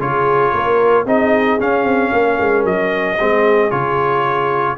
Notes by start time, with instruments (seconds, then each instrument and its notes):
0.00 tuba C#3, trombone F4, horn G#4, trumpet C#5
0.52 tuba A#3, horn A#4
1.05 tuba C4, trombone D#4, horn G#4, trumpet D#5
1.59 trombone C#4, tuba C#4, trumpet F5
1.84 tuba C4
2.12 tuba A#3, horn A#4
2.40 tuba G#3
2.65 tuba F#3, trumpet D#5
3.19 tuba G#3, trombone C4, horn G#4
3.71 tuba C#3, trombone F4, trumpet C#5